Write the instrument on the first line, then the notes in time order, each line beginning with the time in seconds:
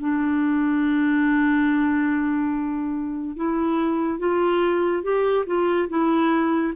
clarinet
0.00 D4
3.36 E4
4.19 F4
5.03 G4
5.47 F4
5.89 E4